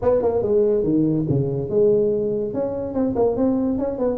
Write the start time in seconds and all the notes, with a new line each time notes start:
0.02 B3
0.22 A#3
0.42 G#3
0.83 D#3
1.29 C#3
1.69 G#3
2.53 C#4
2.94 C4
3.15 A#3
3.36 C4
3.78 C#4
3.98 B3